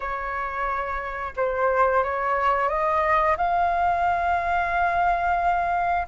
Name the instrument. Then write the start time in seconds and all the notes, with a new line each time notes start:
flute
0.00 C#5
1.36 C5
2.03 C#5
2.68 D#5
3.37 F5